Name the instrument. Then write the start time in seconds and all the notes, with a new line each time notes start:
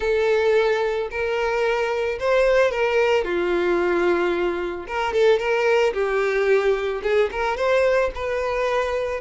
violin
0.00 A4
1.10 A#4
2.19 C5
2.71 A#4
3.24 F4
4.87 A#4
5.13 A4
5.39 A#4
5.93 G4
7.03 G#4
7.31 A#4
7.56 C5
8.14 B4